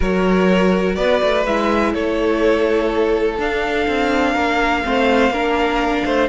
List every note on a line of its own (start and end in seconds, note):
0.00 0.97 F#3
0.00 1.45 F#4
0.00 0.95 A#4
0.00 0.95 C#5
0.95 1.21 B3
0.95 1.92 B4
0.95 1.43 D5
1.22 1.46 A3
1.46 1.94 G#3
1.46 3.39 E4
1.46 1.94 E5
1.94 3.38 A3
1.94 4.32 A4
1.94 3.39 C#5
3.38 3.86 D4
3.38 4.83 D4
3.38 6.28 F5
3.87 4.35 C4
4.32 4.83 A#3
4.32 4.81 A#4
4.83 5.30 A3
4.83 5.32 C4
4.83 5.32 C5
5.30 6.02 A#3
5.30 6.28 D4
5.30 6.04 A#4
6.04 6.28 A3
6.04 6.28 C5